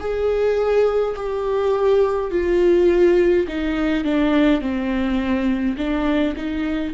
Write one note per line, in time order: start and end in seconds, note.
0.00 1.15 G#4
1.16 2.31 G4
2.31 3.47 F4
3.48 4.04 D#4
4.04 4.61 D4
4.61 5.76 C4
5.77 6.35 D4
6.36 6.94 D#4